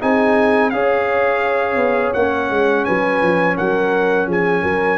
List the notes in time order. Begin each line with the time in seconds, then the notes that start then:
0.00 C4 D#4 G#4 G#5
0.70 C#4 G#4 C#5 F5
1.76 B3
2.13 A#3 C#4 F#5
2.50 G#3
2.85 F#3 B4 G#5
3.22 F3
3.56 F#3 A#4 F#5
4.27 F3 G#4 G#5
4.63 F#3 A#4